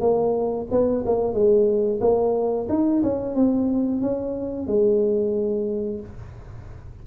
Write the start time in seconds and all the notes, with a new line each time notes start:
0.00 A#3
0.71 B3
1.06 A#3
1.33 G#3
2.01 A#3
2.69 D#4
3.03 C#4
3.35 C4
4.01 C#4
4.67 G#3